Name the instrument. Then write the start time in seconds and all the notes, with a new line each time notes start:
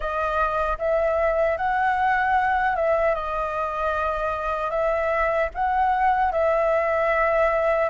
flute
0.00 D#5
0.78 E5
1.57 F#5
2.75 E5
3.14 D#5
4.70 E5
5.54 F#5
6.32 E5